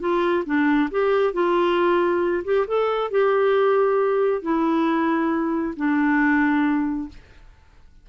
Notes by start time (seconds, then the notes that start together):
0.00 F4
0.45 D4
0.91 G4
1.33 F4
2.44 G4
2.67 A4
3.11 G4
4.42 E4
5.76 D4